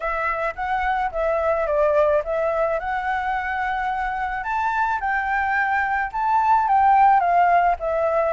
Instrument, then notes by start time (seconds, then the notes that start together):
flute
0.00 E5
0.55 F#5
1.11 E5
1.67 D5
2.24 E5
2.79 F#5
4.43 A5
5.00 G5
6.12 A5
6.67 G5
7.20 F5
7.79 E5